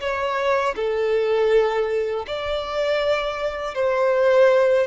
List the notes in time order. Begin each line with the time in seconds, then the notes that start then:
0.00 C#5
0.76 A4
2.27 D5
3.75 C5